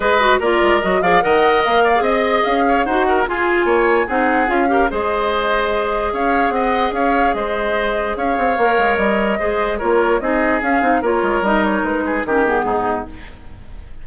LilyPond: <<
  \new Staff \with { instrumentName = "flute" } { \time 4/4 \tempo 4 = 147 dis''4 d''4 dis''8 f''8 fis''4 | f''4 dis''4 f''4 fis''4 | gis''2 fis''4 f''4 | dis''2. f''4 |
fis''4 f''4 dis''2 | f''2 dis''2 | cis''4 dis''4 f''4 cis''4 | dis''8 cis''8 b'4 ais'8 gis'4. | }
  \new Staff \with { instrumentName = "oboe" } { \time 4/4 b'4 ais'4. d''8 dis''4~ | dis''8 d''8 dis''4. cis''8 c''8 ais'8 | gis'4 cis''4 gis'4. ais'8 | c''2. cis''4 |
dis''4 cis''4 c''2 | cis''2. c''4 | ais'4 gis'2 ais'4~ | ais'4. gis'8 g'4 dis'4 | }
  \new Staff \with { instrumentName = "clarinet" } { \time 4/4 gis'8 fis'8 f'4 fis'8 gis'8 ais'4~ | ais'8. gis'2~ gis'16 fis'4 | f'2 dis'4 f'8 g'8 | gis'1~ |
gis'1~ | gis'4 ais'2 gis'4 | f'4 dis'4 cis'8 dis'8 f'4 | dis'2 cis'8 b4. | }
  \new Staff \with { instrumentName = "bassoon" } { \time 4/4 gis4 ais8 gis8 fis8 f8 dis4 | ais4 c'4 cis'4 dis'4 | f'4 ais4 c'4 cis'4 | gis2. cis'4 |
c'4 cis'4 gis2 | cis'8 c'8 ais8 gis8 g4 gis4 | ais4 c'4 cis'8 c'8 ais8 gis8 | g4 gis4 dis4 gis,4 | }
>>